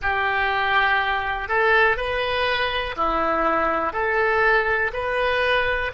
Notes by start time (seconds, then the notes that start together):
0.02 G4
1.48 A4
1.96 B4
2.96 E4
3.93 A4
4.93 B4